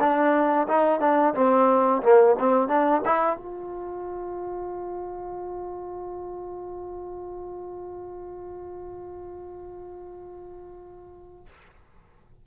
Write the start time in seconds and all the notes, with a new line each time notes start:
0.00 D4
0.68 D#4
1.00 D4
1.35 C4
2.03 A#3
2.39 C4
2.68 D4
3.06 E4
3.37 F4